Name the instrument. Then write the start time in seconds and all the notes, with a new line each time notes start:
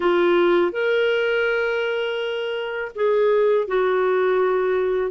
clarinet
0.00 F4
0.72 A#4
2.95 G#4
3.68 F#4